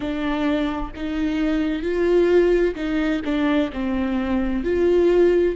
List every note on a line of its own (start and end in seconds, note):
0.00 0.91 D4
0.95 1.82 D#4
1.82 2.74 F4
2.75 3.21 D#4
3.24 3.70 D4
3.72 4.64 C4
4.64 5.56 F4